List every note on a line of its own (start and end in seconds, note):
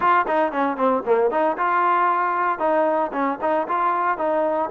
0.00 0.25 F4
0.27 0.52 D#4
0.52 0.76 C#4
0.76 1.02 C4
1.05 1.30 A#3
1.30 1.57 D#4
1.57 2.58 F4
2.58 3.11 D#4
3.12 3.38 C#4
3.41 3.67 D#4
3.68 4.17 F4
4.17 4.70 D#4